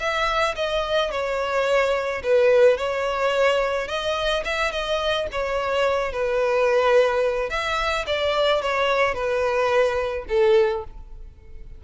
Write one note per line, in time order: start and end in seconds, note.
0.00 0.56 E5
0.56 1.11 D#5
1.11 2.22 C#5
2.23 2.78 B4
2.78 3.88 C#5
3.88 4.44 D#5
4.45 4.72 E5
4.72 5.28 D#5
5.32 6.13 C#5
6.13 7.50 B4
7.50 8.06 E5
8.07 8.62 D5
8.62 9.14 C#5
9.14 10.26 B4
10.29 10.85 A4